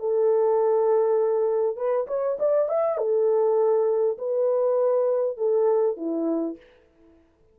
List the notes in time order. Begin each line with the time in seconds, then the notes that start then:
0.00 A4
1.77 B4
2.08 C#5
2.39 D5
2.69 E5
2.98 A4
4.18 B4
5.37 A4
5.97 E4